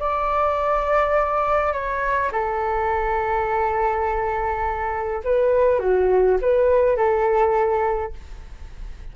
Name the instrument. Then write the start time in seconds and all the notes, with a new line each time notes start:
flute
0.00 D5
1.73 C#5
2.32 A4
5.25 B4
5.80 F#4
6.42 B4
6.97 A4